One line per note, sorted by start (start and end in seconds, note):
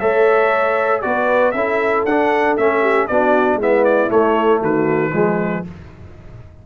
0.00 1.03 A3
0.00 1.02 A4
0.00 1.03 C#5
0.00 1.01 E5
1.01 1.54 B3
1.01 1.53 F#4
1.01 1.55 B4
1.01 1.51 D5
1.51 2.05 C#4
1.51 2.07 E4
1.51 2.81 A4
1.51 2.03 E5
2.05 2.56 D4
2.05 2.59 D4
2.05 2.57 F#5
2.57 3.08 A3
2.57 3.10 C#4
2.57 3.07 E5
2.81 3.07 G4
3.07 3.55 B3
3.07 3.60 D4
3.07 3.59 F#4
3.07 3.58 D5
3.55 4.07 G#3
3.55 4.09 B3
3.55 4.61 E4
3.62 3.84 E5
3.84 4.10 D5
4.09 5.11 A3
4.09 4.61 A3
4.09 4.62 C#5
4.61 5.13 D#3
4.61 5.11 F#4
4.61 5.66 B4
5.11 5.64 F3
5.11 5.64 G#3
5.11 5.63 G#4